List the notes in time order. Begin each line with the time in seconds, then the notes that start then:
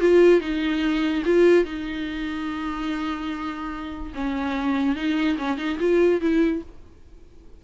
0.00 F4
0.40 D#4
1.25 F4
1.64 D#4
4.14 C#4
4.95 D#4
5.38 C#4
5.57 D#4
5.79 F4
6.20 E4